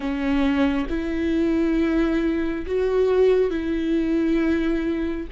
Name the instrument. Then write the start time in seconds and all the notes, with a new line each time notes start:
viola
0.00 C#4
0.89 E4
2.66 F#4
3.50 E4